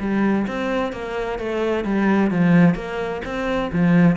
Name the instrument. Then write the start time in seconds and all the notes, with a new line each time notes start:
cello
0.00 G3
0.47 C4
0.93 A#3
1.39 A3
1.85 G3
2.31 F3
2.75 A#3
3.25 C4
3.72 F3